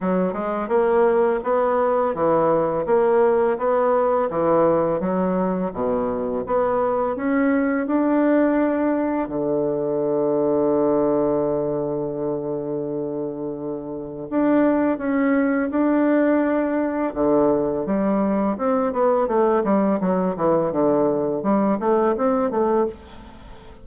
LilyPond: \new Staff \with { instrumentName = "bassoon" } { \time 4/4 \tempo 4 = 84 fis8 gis8 ais4 b4 e4 | ais4 b4 e4 fis4 | b,4 b4 cis'4 d'4~ | d'4 d2.~ |
d1 | d'4 cis'4 d'2 | d4 g4 c'8 b8 a8 g8 | fis8 e8 d4 g8 a8 c'8 a8 | }